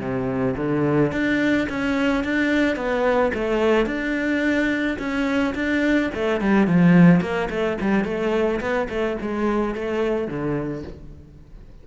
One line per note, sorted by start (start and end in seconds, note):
0.00 0.56 C3
0.57 1.12 D3
1.12 1.68 D4
1.69 2.24 C#4
2.24 2.77 D4
2.77 3.32 B3
3.35 3.87 A3
3.87 4.98 D4
4.99 5.55 C#4
5.55 6.11 D4
6.15 6.41 A3
6.41 6.68 G3
6.68 7.21 F3
7.21 7.49 A#3
7.50 7.78 A3
7.81 8.05 G3
8.05 8.61 A3
8.61 8.88 B3
8.90 9.18 A3
9.22 9.75 G#3
9.75 10.28 A3
10.28 10.84 D3